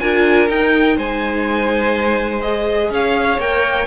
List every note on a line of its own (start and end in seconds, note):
0.00 0.49 D4
0.00 0.49 F4
0.00 0.97 A#4
0.00 0.48 G#5
0.49 0.97 D#4
0.49 2.42 D#4
0.49 0.98 G5
0.97 2.91 G#3
0.97 2.91 C5
0.97 2.42 G#5
2.42 3.39 G#4
2.42 2.90 D#5
2.91 3.38 C#4
2.91 3.87 C#5
2.91 3.40 F5
3.38 3.86 A#3
3.38 3.87 A#4
3.38 3.87 G5